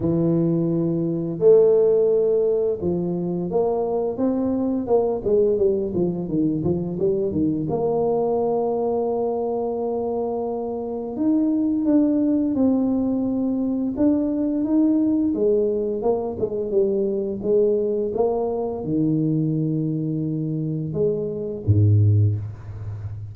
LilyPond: \new Staff \with { instrumentName = "tuba" } { \time 4/4 \tempo 4 = 86 e2 a2 | f4 ais4 c'4 ais8 gis8 | g8 f8 dis8 f8 g8 dis8 ais4~ | ais1 |
dis'4 d'4 c'2 | d'4 dis'4 gis4 ais8 gis8 | g4 gis4 ais4 dis4~ | dis2 gis4 gis,4 | }